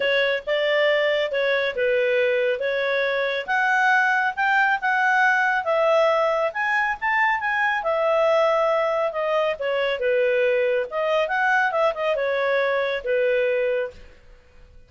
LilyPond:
\new Staff \with { instrumentName = "clarinet" } { \time 4/4 \tempo 4 = 138 cis''4 d''2 cis''4 | b'2 cis''2 | fis''2 g''4 fis''4~ | fis''4 e''2 gis''4 |
a''4 gis''4 e''2~ | e''4 dis''4 cis''4 b'4~ | b'4 dis''4 fis''4 e''8 dis''8 | cis''2 b'2 | }